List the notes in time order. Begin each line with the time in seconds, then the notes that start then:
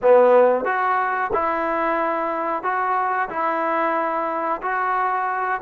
0.01 B3
0.64 F#4
1.33 E4
2.63 F#4
3.29 E4
4.62 F#4